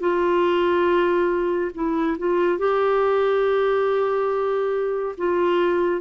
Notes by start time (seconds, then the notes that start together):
0.00 F4
1.74 E4
2.18 F4
2.58 G4
5.17 F4